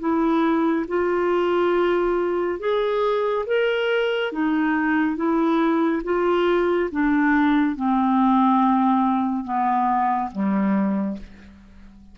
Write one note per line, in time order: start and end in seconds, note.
0.00 0.86 E4
0.88 2.59 F4
2.60 3.46 G#4
3.47 4.32 A#4
4.33 5.17 D#4
5.17 6.02 E4
6.04 6.90 F4
6.92 7.76 D4
7.76 9.45 C4
9.45 10.31 B3
10.32 11.18 G3